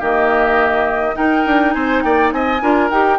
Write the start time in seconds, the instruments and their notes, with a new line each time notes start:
0.00 bassoon D#3, clarinet A#3, oboe G4, flute D#5
1.15 clarinet D#4, bassoon D#4, oboe A#4, flute G5
1.46 bassoon D4
1.73 bassoon C4, oboe C5, flute G#5
2.02 bassoon A#3, oboe D5, flute G5
2.32 bassoon C4, oboe D#5, flute G#5
2.62 bassoon D4, clarinet F4, oboe A#4
2.91 bassoon D#4, clarinet G4, flute G5